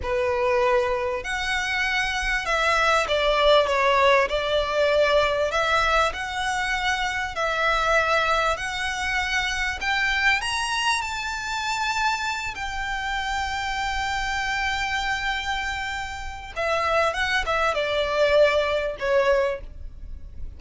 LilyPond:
\new Staff \with { instrumentName = "violin" } { \time 4/4 \tempo 4 = 98 b'2 fis''2 | e''4 d''4 cis''4 d''4~ | d''4 e''4 fis''2 | e''2 fis''2 |
g''4 ais''4 a''2~ | a''8 g''2.~ g''8~ | g''2. e''4 | fis''8 e''8 d''2 cis''4 | }